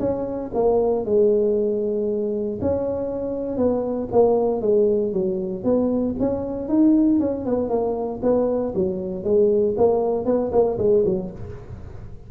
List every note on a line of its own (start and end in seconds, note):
0.00 0.51 C#4
0.55 1.06 A#3
1.06 2.59 G#3
2.62 3.58 C#4
3.58 4.09 B3
4.12 4.62 A#3
4.62 5.13 G#3
5.13 5.64 F#3
5.64 6.16 B3
6.20 6.69 C#4
6.69 7.20 D#4
7.20 7.45 C#4
7.45 7.70 B3
7.70 8.21 A#3
8.23 8.74 B3
8.75 9.24 F#3
9.24 9.76 G#3
9.78 10.26 A#3
10.26 10.52 B3
10.52 10.78 A#3
10.78 11.04 G#3
11.06 11.31 F#3